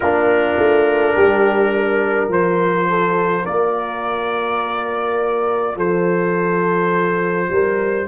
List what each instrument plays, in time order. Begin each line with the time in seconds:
0.00 tuba A#3, trombone D4, horn F4, trumpet A#4
0.57 tuba A3
1.14 tuba G3, horn G4
1.75 horn A#4
2.28 tuba F3, trombone F4, trumpet C5
2.89 horn A4
3.43 tuba A#3, horn A#4, trumpet D5
5.76 tuba F3, horn A4, trumpet C5
7.49 tuba G3, horn A#4